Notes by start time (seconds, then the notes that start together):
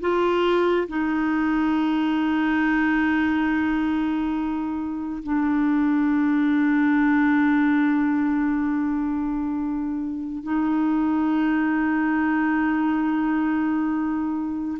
0.00 F4
0.88 D#4
5.23 D4
10.43 D#4